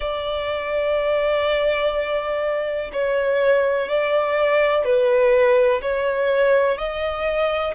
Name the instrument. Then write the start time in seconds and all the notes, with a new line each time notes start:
violin
0.00 D5
2.93 C#5
3.88 D5
4.84 B4
5.81 C#5
6.77 D#5